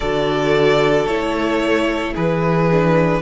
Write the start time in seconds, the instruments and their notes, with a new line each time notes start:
0.00 cello D3, viola F#4, violin A4 D5
1.06 cello A3, viola E4, violin C#5
2.14 cello E3, violin G#4 B4
2.70 viola D4